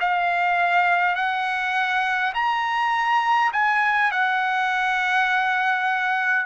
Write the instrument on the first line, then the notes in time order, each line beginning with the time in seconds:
trumpet
0.00 F5
1.15 F#5
2.34 A#5
3.52 G#5
4.11 F#5